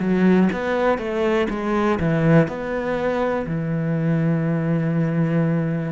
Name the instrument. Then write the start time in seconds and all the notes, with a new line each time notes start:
cello
0.00 F#3
0.53 B3
0.98 A3
1.50 G#3
2.00 E3
2.48 B3
3.46 E3